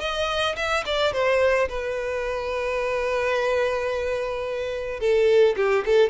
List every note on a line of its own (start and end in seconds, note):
0.00 0.56 D#5
0.56 0.84 E5
0.86 1.13 D5
1.13 1.68 C5
1.69 5.00 B4
5.00 5.55 A4
5.57 5.84 G4
5.85 6.09 A4